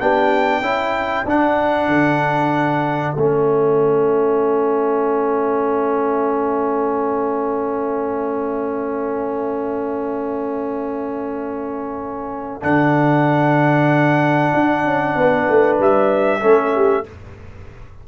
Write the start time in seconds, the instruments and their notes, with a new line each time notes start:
0.00 tuba B3, trombone D4, horn G4, trumpet G5
0.61 tuba C#4, trombone E4, horn A4
1.25 tuba D4, trombone D4, trumpet F#5
1.88 tuba D3
3.14 tuba A3, trombone C#4, trumpet E5
12.61 tuba D3, trombone D4, trumpet F#5
14.53 tuba D4
14.84 tuba C#4
15.15 tuba B3, horn B4
15.49 tuba A3
15.79 tuba G3, trumpet E5
16.40 tuba A3, trombone C#4, horn A4
16.75 horn G4